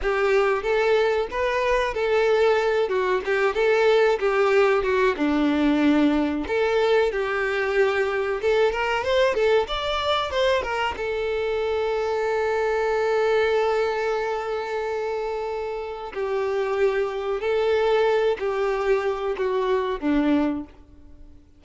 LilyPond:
\new Staff \with { instrumentName = "violin" } { \time 4/4 \tempo 4 = 93 g'4 a'4 b'4 a'4~ | a'8 fis'8 g'8 a'4 g'4 fis'8 | d'2 a'4 g'4~ | g'4 a'8 ais'8 c''8 a'8 d''4 |
c''8 ais'8 a'2.~ | a'1~ | a'4 g'2 a'4~ | a'8 g'4. fis'4 d'4 | }